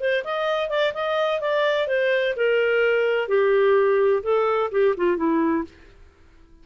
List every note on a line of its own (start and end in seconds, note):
0.00 0.24 C5
0.24 0.69 D#5
0.69 0.93 D5
0.94 1.40 D#5
1.40 1.87 D5
1.87 2.34 C5
2.36 3.28 A#4
3.28 4.22 G4
4.23 4.70 A4
4.71 4.95 G4
4.97 5.17 F4
5.17 5.64 E4